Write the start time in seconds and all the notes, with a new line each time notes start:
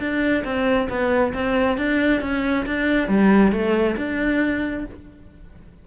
0.00 D4
0.45 C4
0.89 B3
1.34 C4
1.78 D4
2.22 C#4
2.66 D4
3.08 G3
3.52 A3
3.97 D4